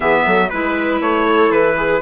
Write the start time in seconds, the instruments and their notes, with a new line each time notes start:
0.00 bassoon E3, clarinet B3, viola G#4, trumpet E5
0.25 bassoon F#3, viola A4
0.49 bassoon G#3, clarinet E4, trumpet B4, viola B4
1.00 bassoon A3, trumpet C#5
1.25 viola A4
1.50 bassoon E3, trumpet B4
1.76 viola G#4